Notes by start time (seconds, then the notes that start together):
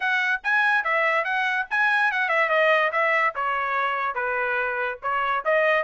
0.00 F#5
0.43 G#5
0.84 E5
1.24 F#5
1.70 G#5
2.11 F#5
2.28 E5
2.49 D#5
2.92 E5
3.35 C#5
4.14 B4
5.02 C#5
5.45 D#5